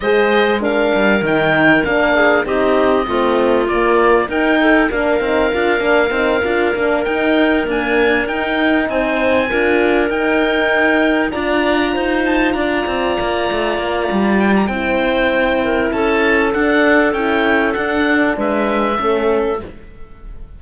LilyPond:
<<
  \new Staff \with { instrumentName = "oboe" } { \time 4/4 \tempo 4 = 98 dis''4 f''4 g''4 f''4 | dis''2 d''4 g''4 | f''2.~ f''8 g''8~ | g''8 gis''4 g''4 gis''4.~ |
gis''8 g''2 ais''4. | a''8 ais''2. g''16 ais''16 | g''2 a''4 fis''4 | g''4 fis''4 e''2 | }
  \new Staff \with { instrumentName = "clarinet" } { \time 4/4 c''4 ais'2~ ais'8 gis'8 | g'4 f'2 ais'8 a'8 | ais'1~ | ais'2~ ais'8 c''4 ais'8~ |
ais'2~ ais'8 d''4 c''8~ | c''8 d''2.~ d''8 | c''4. ais'8 a'2~ | a'2 b'4 a'4 | }
  \new Staff \with { instrumentName = "horn" } { \time 4/4 gis'4 d'4 dis'4 d'4 | dis'4 c'4 ais4 dis'4 | d'8 dis'8 f'8 d'8 dis'8 f'8 d'8 dis'8~ | dis'8 ais4 dis'2 f'8~ |
f'8 dis'2 f'4.~ | f'1 | e'2. d'4 | e'4 d'2 cis'4 | }
  \new Staff \with { instrumentName = "cello" } { \time 4/4 gis4. g8 dis4 ais4 | c'4 a4 ais4 dis'4 | ais8 c'8 d'8 ais8 c'8 d'8 ais8 dis'8~ | dis'8 d'4 dis'4 c'4 d'8~ |
d'8 dis'2 d'4 dis'8~ | dis'8 d'8 c'8 ais8 a8 ais8 g4 | c'2 cis'4 d'4 | cis'4 d'4 gis4 a4 | }
>>